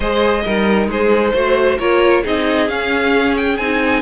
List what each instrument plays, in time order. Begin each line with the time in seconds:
0.00 cello G#3, viola G#4, violin C5 D#5
0.44 cello G3, viola D#4, violin A#4
0.88 cello G#3, violin G#4 C5
1.33 cello A3, viola F#4, violin C5
1.78 cello A#3, viola F4, violin A#4 C#5
2.23 cello C4, viola D#4, violin G#4 D#5
2.68 cello C#4, viola C#4, violin F5
3.36 violin G5
3.57 cello C4, viola D#4, violin G#5